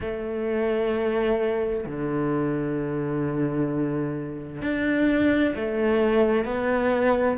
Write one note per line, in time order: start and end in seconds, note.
0.00 1.85 A3
1.85 4.62 D3
4.62 5.54 D4
5.56 6.44 A3
6.44 7.37 B3